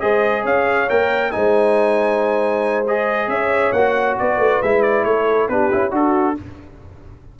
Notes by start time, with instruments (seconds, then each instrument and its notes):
0.00 tuba G#3, trombone G#4, horn C5, trumpet D#5
0.43 tuba C#4, horn C#5, trumpet F5
0.89 tuba A#3, trombone A#4, trumpet G5
1.32 tuba G#3, trombone D#4, horn C5, trumpet G#5
2.88 trombone G#4, trumpet D#5
3.28 tuba C#4, horn C#5, trumpet E5
3.72 tuba A#3, trombone F#4, trumpet F#5
4.19 tuba B3, horn B4, trumpet D5
4.37 tuba A3
4.62 tuba G#3, trombone E4, trumpet E5
4.82 trumpet D5
5.04 tuba A3, horn A4, trumpet C#5
5.49 tuba B3, trombone D4, horn G4, trumpet B4
5.71 tuba C#4, trombone E4
5.91 tuba D4, trombone F#4, horn F#4, trumpet A4